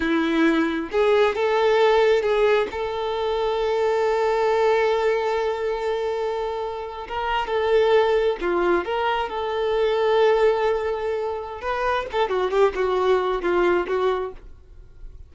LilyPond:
\new Staff \with { instrumentName = "violin" } { \time 4/4 \tempo 4 = 134 e'2 gis'4 a'4~ | a'4 gis'4 a'2~ | a'1~ | a'2.~ a'8. ais'16~ |
ais'8. a'2 f'4 ais'16~ | ais'8. a'2.~ a'16~ | a'2 b'4 a'8 fis'8 | g'8 fis'4. f'4 fis'4 | }